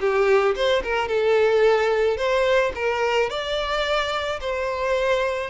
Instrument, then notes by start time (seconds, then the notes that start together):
violin
0.00 G4
0.55 C5
0.83 A#4
1.08 A4
2.17 C5
2.75 A#4
3.30 D5
4.41 C5